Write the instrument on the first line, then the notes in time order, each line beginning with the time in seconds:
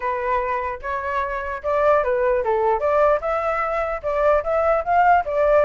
flute
0.00 B4
0.82 C#5
1.63 D5
2.03 B4
2.44 A4
2.79 D5
3.20 E5
4.02 D5
4.43 E5
4.84 F5
5.25 D5